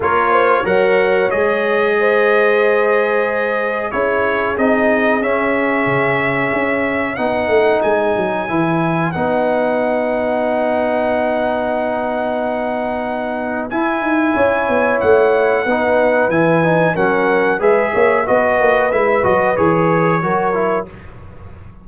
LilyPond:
<<
  \new Staff \with { instrumentName = "trumpet" } { \time 4/4 \tempo 4 = 92 cis''4 fis''4 dis''2~ | dis''2 cis''4 dis''4 | e''2. fis''4 | gis''2 fis''2~ |
fis''1~ | fis''4 gis''2 fis''4~ | fis''4 gis''4 fis''4 e''4 | dis''4 e''8 dis''8 cis''2 | }
  \new Staff \with { instrumentName = "horn" } { \time 4/4 ais'8 c''8 cis''2 c''4~ | c''2 gis'2~ | gis'2. b'4~ | b'1~ |
b'1~ | b'2 cis''2 | b'2 ais'4 b'8 cis''8 | b'2. ais'4 | }
  \new Staff \with { instrumentName = "trombone" } { \time 4/4 f'4 ais'4 gis'2~ | gis'2 e'4 dis'4 | cis'2. dis'4~ | dis'4 e'4 dis'2~ |
dis'1~ | dis'4 e'2. | dis'4 e'8 dis'8 cis'4 gis'4 | fis'4 e'8 fis'8 gis'4 fis'8 e'8 | }
  \new Staff \with { instrumentName = "tuba" } { \time 4/4 ais4 fis4 gis2~ | gis2 cis'4 c'4 | cis'4 cis4 cis'4 b8 a8 | gis8 fis8 e4 b2~ |
b1~ | b4 e'8 dis'8 cis'8 b8 a4 | b4 e4 fis4 gis8 ais8 | b8 ais8 gis8 fis8 e4 fis4 | }
>>